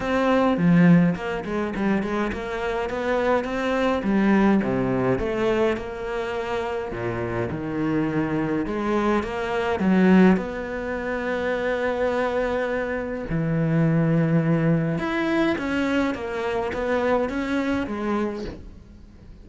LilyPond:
\new Staff \with { instrumentName = "cello" } { \time 4/4 \tempo 4 = 104 c'4 f4 ais8 gis8 g8 gis8 | ais4 b4 c'4 g4 | c4 a4 ais2 | ais,4 dis2 gis4 |
ais4 fis4 b2~ | b2. e4~ | e2 e'4 cis'4 | ais4 b4 cis'4 gis4 | }